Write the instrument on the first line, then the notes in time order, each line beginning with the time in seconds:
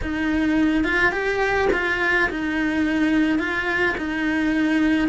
cello
0.02 D#4
0.84 F4
1.12 G4
1.72 F4
2.30 D#4
3.38 F4
3.97 D#4